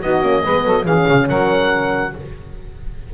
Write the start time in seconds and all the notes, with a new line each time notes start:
0.00 B3 D#4 F#4 D#5
0.22 A#3 C#4
0.44 G#3 B3 B4
0.65 F#3 A4
0.83 E3 C#4 G#4 F5
1.08 C#3
1.28 F#3 A#4 F#5